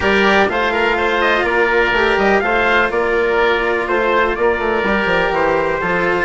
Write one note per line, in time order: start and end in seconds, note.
0.00 0.48 G3
0.00 0.47 G4
0.00 0.48 A#4
0.00 0.49 D5
0.48 1.43 A3
0.48 1.93 F4
0.48 0.72 C5
0.48 1.21 F5
0.72 0.96 A#4
0.97 1.45 C5
1.21 1.45 D#5
1.43 1.91 A#3
1.43 2.42 A#4
1.43 2.17 D5
1.92 2.16 A3
1.92 2.42 G4
2.17 2.41 G3
2.17 2.40 D#5
2.40 2.90 A3
2.40 4.84 F4
2.40 2.92 C5
2.40 2.88 F5
2.90 3.87 A#3
2.90 3.88 A#4
2.90 3.87 D5
3.87 4.35 A3
3.87 4.35 C5
3.87 4.37 C5
4.35 4.59 A#3
4.35 5.80 A#4
4.35 5.32 D5
4.59 4.82 A3
4.82 5.05 G3
4.82 5.81 G4
5.05 5.29 F3
5.30 5.78 E3
5.30 6.25 C5
5.80 6.25 F3
5.80 6.25 F4
5.80 6.25 A4